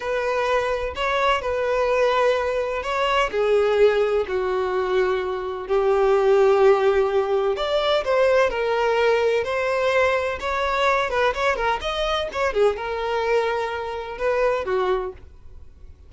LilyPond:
\new Staff \with { instrumentName = "violin" } { \time 4/4 \tempo 4 = 127 b'2 cis''4 b'4~ | b'2 cis''4 gis'4~ | gis'4 fis'2. | g'1 |
d''4 c''4 ais'2 | c''2 cis''4. b'8 | cis''8 ais'8 dis''4 cis''8 gis'8 ais'4~ | ais'2 b'4 fis'4 | }